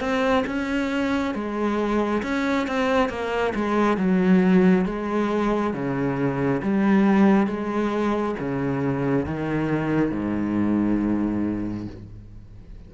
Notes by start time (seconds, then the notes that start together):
0.00 C4
0.47 C#4
1.34 G#3
2.23 C#4
2.68 C4
3.09 A#3
3.55 G#3
3.97 F#3
4.85 G#3
5.74 C#3
6.63 G3
7.47 G#3
8.39 C#3
9.26 D#3
10.11 G#2